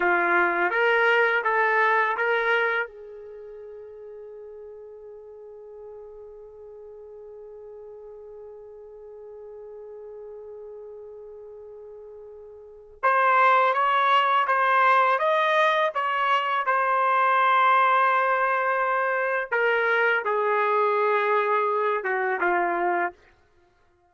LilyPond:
\new Staff \with { instrumentName = "trumpet" } { \time 4/4 \tempo 4 = 83 f'4 ais'4 a'4 ais'4 | gis'1~ | gis'1~ | gis'1~ |
gis'2 c''4 cis''4 | c''4 dis''4 cis''4 c''4~ | c''2. ais'4 | gis'2~ gis'8 fis'8 f'4 | }